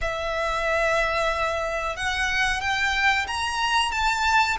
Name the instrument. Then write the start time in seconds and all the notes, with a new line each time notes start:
violin
0.01 E5
1.96 F#5
2.61 G5
3.27 A#5
3.91 A5